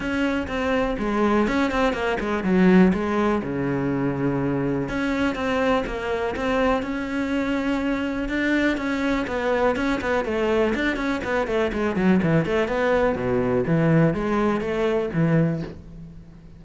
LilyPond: \new Staff \with { instrumentName = "cello" } { \time 4/4 \tempo 4 = 123 cis'4 c'4 gis4 cis'8 c'8 | ais8 gis8 fis4 gis4 cis4~ | cis2 cis'4 c'4 | ais4 c'4 cis'2~ |
cis'4 d'4 cis'4 b4 | cis'8 b8 a4 d'8 cis'8 b8 a8 | gis8 fis8 e8 a8 b4 b,4 | e4 gis4 a4 e4 | }